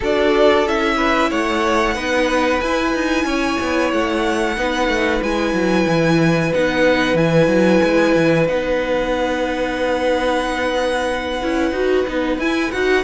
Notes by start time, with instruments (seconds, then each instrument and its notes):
0.00 cello D4, viola F#4, violin A4 D5
0.66 cello C#4, viola E4, violin E5
0.96 violin B4
1.30 cello A3, violin C#5 F#5
1.94 cello B3, viola D#4, violin B4
2.60 cello E4, viola E4, violin G#5
2.94 cello D#4
3.24 cello C#4, violin C#5
3.60 cello B3
3.92 cello A3, violin F#5
4.56 cello B3, viola D#4, violin B4
4.87 cello A3
5.22 cello G#3, viola E4, violin G#5
5.53 cello F#3
5.87 cello E3
6.53 cello B3, viola D#4, violin F#5
7.14 cello E3, viola E4, violin G#5
7.47 cello F#3
7.83 cello G#3
8.15 cello E3
8.48 cello B3, viola D#4, violin F#5
11.42 cello C#4, viola E4
11.71 cello D#4, viola F#4
12.07 cello B3, viola D#4
12.37 cello E4, viola E4, violin G#5
12.71 cello D#4, viola F#4, violin F#5